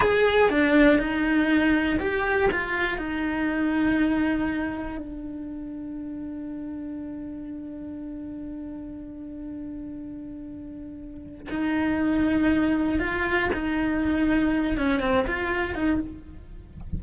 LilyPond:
\new Staff \with { instrumentName = "cello" } { \time 4/4 \tempo 4 = 120 gis'4 d'4 dis'2 | g'4 f'4 dis'2~ | dis'2 d'2~ | d'1~ |
d'1~ | d'2. dis'4~ | dis'2 f'4 dis'4~ | dis'4. cis'8 c'8 f'4 dis'8 | }